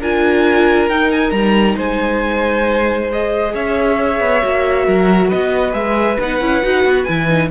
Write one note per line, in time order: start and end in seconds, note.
0.00 0.89 D4
0.00 0.90 F4
0.00 1.76 A#4
0.00 0.89 G#5
0.89 1.32 D#4
0.89 3.11 D#4
0.89 1.11 G5
1.12 1.32 G#5
1.32 1.76 G3
1.32 1.76 A#5
1.76 3.55 G#3
1.76 3.53 C5
1.76 3.11 G#5
3.12 4.42 G#4
3.12 3.55 D#5
3.54 4.20 C#4
3.54 4.86 C#5
3.54 5.30 E5
4.20 4.43 B3
4.42 4.88 A#3
4.42 5.72 F#4
4.86 5.32 F#3
4.86 5.28 A#4
5.28 5.73 B3
5.28 7.49 B4
5.28 5.74 D#5
5.72 6.17 G#3
5.72 6.17 G#4
5.72 6.18 E5
6.20 6.41 B3
6.20 6.41 D#4
6.20 7.04 F#5
6.41 6.63 C#4
6.41 6.63 E4
6.63 6.85 D#4
6.63 7.07 F#4
6.85 7.07 B3
7.04 7.51 E3
7.04 7.29 E4
7.04 7.48 G#5
7.29 7.51 D#4